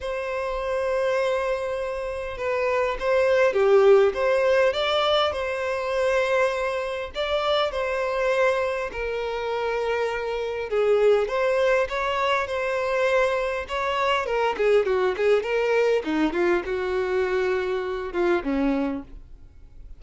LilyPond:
\new Staff \with { instrumentName = "violin" } { \time 4/4 \tempo 4 = 101 c''1 | b'4 c''4 g'4 c''4 | d''4 c''2. | d''4 c''2 ais'4~ |
ais'2 gis'4 c''4 | cis''4 c''2 cis''4 | ais'8 gis'8 fis'8 gis'8 ais'4 dis'8 f'8 | fis'2~ fis'8 f'8 cis'4 | }